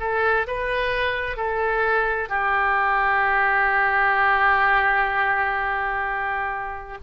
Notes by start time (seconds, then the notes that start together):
0.00 A4
0.47 B4
1.37 A4
2.29 G4